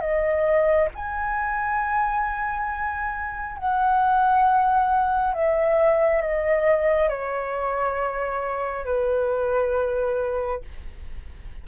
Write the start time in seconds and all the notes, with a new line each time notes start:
0.00 D#5
0.95 G#5
3.58 F#5
5.33 E5
6.21 D#5
7.09 C#5
8.85 B4